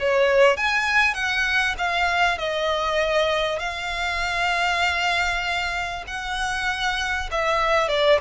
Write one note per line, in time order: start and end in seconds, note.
0.00 0.57 C#5
0.57 1.14 G#5
1.14 1.76 F#5
1.78 2.38 F5
2.38 3.60 D#5
3.60 6.04 F5
6.07 7.30 F#5
7.32 7.89 E5
7.89 8.20 D5